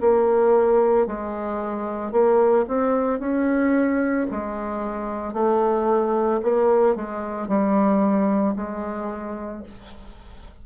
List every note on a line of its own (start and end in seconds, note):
0.00 1.07 A#3
1.07 2.11 G#3
2.11 2.65 A#3
2.67 3.19 C4
3.19 4.27 C#4
4.31 5.33 G#3
5.33 6.40 A3
6.42 6.95 A#3
6.95 7.48 G#3
7.48 8.55 G3
8.56 9.63 G#3